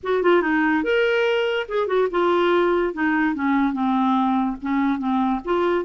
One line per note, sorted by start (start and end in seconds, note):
0.03 0.22 F#4
0.22 0.41 F4
0.41 0.83 D#4
0.83 1.66 A#4
1.68 1.87 G#4
1.87 2.08 F#4
2.10 2.93 F4
2.93 3.34 D#4
3.34 3.73 C#4
3.73 4.56 C4
4.62 4.98 C#4
4.98 5.40 C4
5.45 5.84 F4